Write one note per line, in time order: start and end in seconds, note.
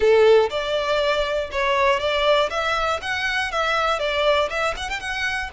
0.00 0.49 A4
0.50 1.50 D5
1.51 1.99 C#5
1.99 2.49 D5
2.50 3.00 E5
3.01 3.51 F#5
3.51 3.99 E5
3.99 4.49 D5
4.49 4.74 E5
4.77 4.89 F#5
4.89 5.00 G5
5.00 5.50 F#5